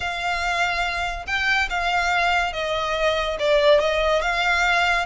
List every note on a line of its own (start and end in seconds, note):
0.00 1.25 F5
1.26 1.68 G5
1.69 2.52 F5
2.52 3.37 D#5
3.39 3.80 D5
3.80 4.21 D#5
4.21 5.06 F5